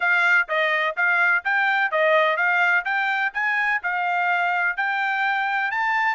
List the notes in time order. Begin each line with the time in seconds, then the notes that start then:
0.00 F5
0.48 D#5
0.96 F5
1.44 G5
1.91 D#5
2.36 F5
2.84 G5
3.33 G#5
3.82 F5
4.76 G5
5.71 A5